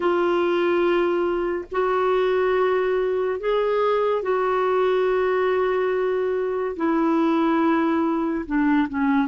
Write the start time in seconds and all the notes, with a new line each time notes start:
0.00 F4
1.71 F#4
3.40 G#4
4.22 F#4
6.76 E4
8.45 D4
8.88 C#4